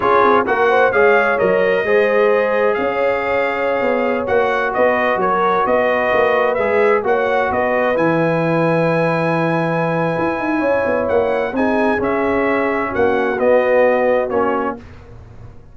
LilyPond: <<
  \new Staff \with { instrumentName = "trumpet" } { \time 4/4 \tempo 4 = 130 cis''4 fis''4 f''4 dis''4~ | dis''2 f''2~ | f''4~ f''16 fis''4 dis''4 cis''8.~ | cis''16 dis''2 e''4 fis''8.~ |
fis''16 dis''4 gis''2~ gis''8.~ | gis''1 | fis''4 gis''4 e''2 | fis''4 dis''2 cis''4 | }
  \new Staff \with { instrumentName = "horn" } { \time 4/4 gis'4 ais'8 c''8 cis''2 | c''2 cis''2~ | cis''2~ cis''16 b'4 ais'8.~ | ais'16 b'2. cis''8.~ |
cis''16 b'2.~ b'8.~ | b'2. cis''4~ | cis''4 gis'2. | fis'1 | }
  \new Staff \with { instrumentName = "trombone" } { \time 4/4 f'4 fis'4 gis'4 ais'4 | gis'1~ | gis'4~ gis'16 fis'2~ fis'8.~ | fis'2~ fis'16 gis'4 fis'8.~ |
fis'4~ fis'16 e'2~ e'8.~ | e'1~ | e'4 dis'4 cis'2~ | cis'4 b2 cis'4 | }
  \new Staff \with { instrumentName = "tuba" } { \time 4/4 cis'8 c'8 ais4 gis4 fis4 | gis2 cis'2~ | cis'16 b4 ais4 b4 fis8.~ | fis16 b4 ais4 gis4 ais8.~ |
ais16 b4 e2~ e8.~ | e2 e'8 dis'8 cis'8 b8 | ais4 c'4 cis'2 | ais4 b2 ais4 | }
>>